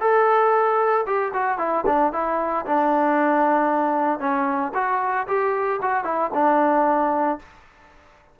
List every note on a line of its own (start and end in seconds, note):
0.00 1.05 A4
1.06 1.32 G4
1.33 1.58 F#4
1.58 1.84 E4
1.86 2.12 D4
2.12 2.65 E4
2.66 4.19 D4
4.19 4.72 C#4
4.74 5.27 F#4
5.27 5.80 G4
5.82 6.04 F#4
6.04 6.30 E4
6.33 7.39 D4